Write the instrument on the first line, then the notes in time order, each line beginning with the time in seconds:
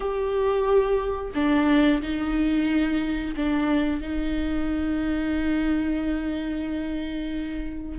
viola
0.00 G4
1.35 D4
2.02 D#4
3.35 D4
4.00 D#4